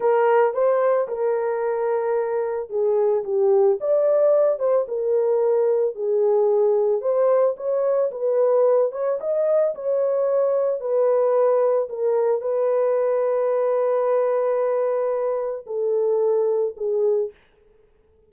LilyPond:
\new Staff \with { instrumentName = "horn" } { \time 4/4 \tempo 4 = 111 ais'4 c''4 ais'2~ | ais'4 gis'4 g'4 d''4~ | d''8 c''8 ais'2 gis'4~ | gis'4 c''4 cis''4 b'4~ |
b'8 cis''8 dis''4 cis''2 | b'2 ais'4 b'4~ | b'1~ | b'4 a'2 gis'4 | }